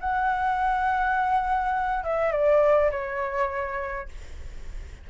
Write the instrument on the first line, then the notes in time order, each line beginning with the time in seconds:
flute
0.00 F#5
2.03 E5
2.32 D5
2.91 C#5